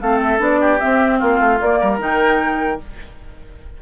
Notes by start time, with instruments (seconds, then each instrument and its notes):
0.00 bassoon A3, clarinet C4, oboe A4, flute F5
0.21 flute E5
0.38 bassoon B3, clarinet D4, flute D5
0.60 oboe G4
0.79 clarinet C4, bassoon C4, flute E5
1.18 bassoon A#3, oboe F4, flute F5
1.39 bassoon A3
1.60 bassoon A#3, clarinet A#3, flute D5
1.80 bassoon G3, oboe A#4
1.98 bassoon D#3, clarinet D#4, flute G5